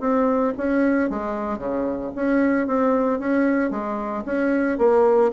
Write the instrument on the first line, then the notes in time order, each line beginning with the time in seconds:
bassoon
0.00 C4
0.57 C#4
1.10 G#3
1.58 C#3
2.16 C#4
2.67 C4
3.19 C#4
3.71 G#3
4.26 C#4
4.78 A#3